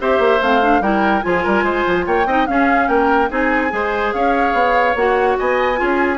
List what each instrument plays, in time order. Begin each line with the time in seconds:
0.00 bassoon C4, clarinet G4, oboe C5, flute E5
0.19 bassoon A#3
0.42 bassoon A3, clarinet C4, flute F5
0.62 clarinet D4
0.81 bassoon G3, clarinet E4, oboe A#4, flute G5
1.23 bassoon F3, clarinet F4, oboe G#4, flute G#5
1.44 bassoon G3, oboe A#4
1.63 bassoon G#3, oboe C5
1.87 bassoon F3
2.07 bassoon A#3, oboe C#5, flute G5
2.26 bassoon C4, clarinet D#4, oboe D#5
2.47 clarinet C#4, bassoon C#4, oboe G#4, flute F5
2.88 bassoon A#3, oboe A#4, flute G5
3.29 bassoon C4, clarinet D#4, oboe G#4, flute G#5
3.71 bassoon G#3, clarinet G#4, oboe C5
4.13 bassoon C#4, oboe C#5, flute F5
4.54 bassoon B3
4.96 bassoon A#3, clarinet F#4, flute F#5
5.38 bassoon B3, oboe D#5, flute G#5
5.76 bassoon C#4, clarinet F4, oboe G#4